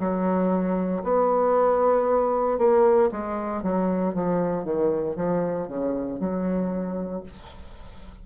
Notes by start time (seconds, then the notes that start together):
0.00 F#3
1.04 B3
2.59 A#3
3.12 G#3
3.63 F#3
4.15 F3
4.65 D#3
5.16 F3
5.68 C#3
6.20 F#3